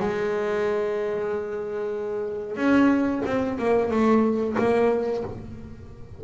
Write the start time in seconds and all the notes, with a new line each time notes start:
0.00 G#3
2.56 C#4
3.25 C4
3.58 A#3
3.91 A3
4.58 A#3